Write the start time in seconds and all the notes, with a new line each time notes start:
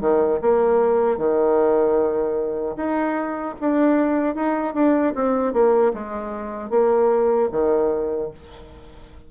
0.00 D#3
0.41 A#3
1.17 D#3
2.76 D#4
3.60 D4
4.35 D#4
4.74 D4
5.15 C4
5.53 A#3
5.93 G#3
6.70 A#3
7.51 D#3